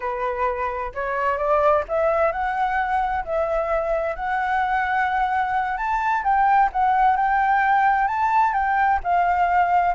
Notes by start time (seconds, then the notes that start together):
0.00 B4
0.94 C#5
1.37 D5
1.88 E5
2.32 F#5
3.24 E5
4.15 F#5
5.77 A5
6.23 G5
6.72 F#5
7.16 G5
8.07 A5
8.53 G5
9.03 F5